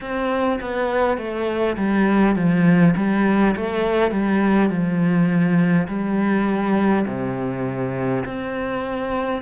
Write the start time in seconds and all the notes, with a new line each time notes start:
0.01 C4
0.60 B3
1.17 A3
1.76 G3
2.35 F3
2.96 G3
3.56 A3
4.11 G3
4.69 F3
5.87 G3
7.06 C3
8.25 C4